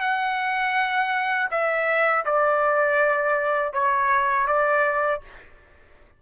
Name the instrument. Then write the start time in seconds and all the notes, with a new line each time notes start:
trumpet
0.00 F#5
1.51 E5
2.25 D5
3.73 C#5
4.47 D5